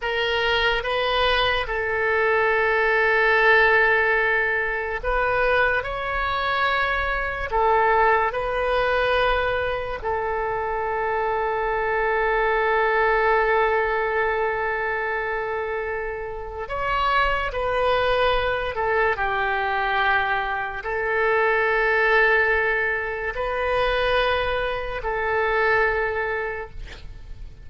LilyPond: \new Staff \with { instrumentName = "oboe" } { \time 4/4 \tempo 4 = 72 ais'4 b'4 a'2~ | a'2 b'4 cis''4~ | cis''4 a'4 b'2 | a'1~ |
a'1 | cis''4 b'4. a'8 g'4~ | g'4 a'2. | b'2 a'2 | }